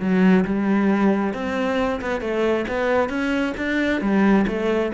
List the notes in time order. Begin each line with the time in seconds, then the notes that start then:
0.00 F#3
0.45 G3
1.34 C4
2.01 B3
2.21 A3
2.68 B3
3.09 C#4
3.57 D4
4.01 G3
4.47 A3